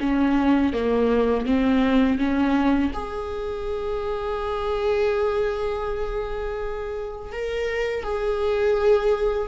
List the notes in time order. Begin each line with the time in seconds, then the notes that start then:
0.00 C#4
0.73 A#3
1.46 C4
2.19 C#4
2.94 G#4
7.33 A#4
8.04 G#4